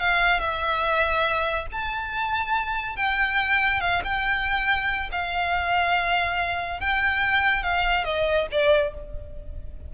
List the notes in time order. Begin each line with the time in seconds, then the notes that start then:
0.00 F5
0.40 E5
1.72 A5
2.96 G5
3.81 F5
4.04 G5
5.11 F5
6.80 G5
7.63 F5
8.05 D#5
8.51 D5